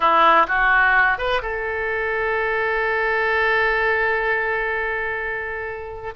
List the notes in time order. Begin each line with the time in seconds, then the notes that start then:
0.00 E4
0.47 F#4
1.18 B4
1.42 A4